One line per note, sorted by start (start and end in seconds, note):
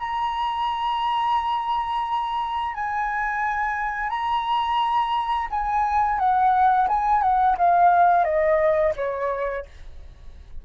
0.00 2.75 A#5
2.75 4.10 G#5
4.10 5.48 A#5
5.51 6.19 G#5
6.19 6.88 F#5
6.88 7.22 G#5
7.22 7.57 F#5
7.58 8.24 F5
8.24 8.93 D#5
8.97 9.66 C#5